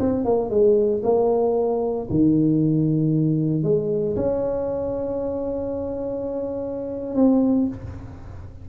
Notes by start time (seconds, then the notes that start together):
0.00 C4
0.25 A#3
0.50 G#3
1.04 A#3
2.11 D#3
3.64 G#3
4.16 C#4
7.16 C4